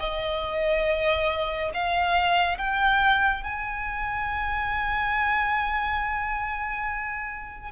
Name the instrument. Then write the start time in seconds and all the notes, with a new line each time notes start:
violin
0.00 D#5
1.74 F5
2.58 G5
3.44 G#5